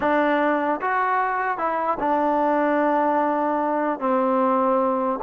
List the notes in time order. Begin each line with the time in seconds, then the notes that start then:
0.00 D4
0.81 F#4
1.57 E4
1.99 D4
3.99 C4